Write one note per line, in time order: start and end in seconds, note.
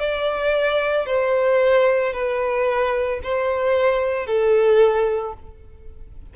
0.00 1.07 D5
1.07 2.14 C5
2.14 3.21 B4
3.23 4.27 C5
4.27 5.34 A4